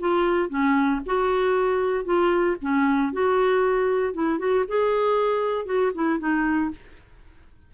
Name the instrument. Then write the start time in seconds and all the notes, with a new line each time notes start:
clarinet
0.00 F4
0.50 C#4
1.07 F#4
2.05 F4
2.62 C#4
3.13 F#4
4.14 E4
4.39 F#4
4.68 G#4
5.66 F#4
5.95 E4
6.20 D#4